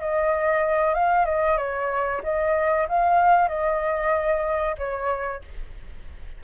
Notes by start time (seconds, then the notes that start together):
0.00 D#5
0.94 F5
1.25 D#5
1.57 C#5
2.23 D#5
2.88 F5
3.48 D#5
4.78 C#5